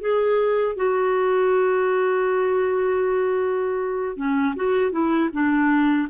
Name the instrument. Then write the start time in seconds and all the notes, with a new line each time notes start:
clarinet
0.00 G#4
0.76 F#4
4.16 C#4
4.55 F#4
4.92 E4
5.33 D4